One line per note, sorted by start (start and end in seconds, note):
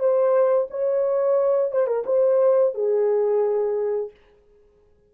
0.00 0.68 C5
0.71 1.72 C#5
1.72 1.87 C5
1.87 2.04 A#4
2.06 2.75 C5
2.75 4.11 G#4